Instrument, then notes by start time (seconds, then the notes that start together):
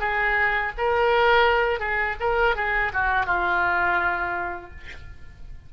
oboe
0.00 G#4
0.78 A#4
1.80 G#4
2.20 A#4
2.56 G#4
2.93 F#4
3.26 F4